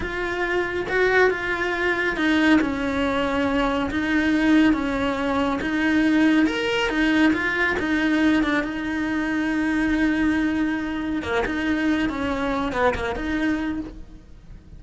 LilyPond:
\new Staff \with { instrumentName = "cello" } { \time 4/4 \tempo 4 = 139 f'2 fis'4 f'4~ | f'4 dis'4 cis'2~ | cis'4 dis'2 cis'4~ | cis'4 dis'2 ais'4 |
dis'4 f'4 dis'4. d'8 | dis'1~ | dis'2 ais8 dis'4. | cis'4. b8 ais8 dis'4. | }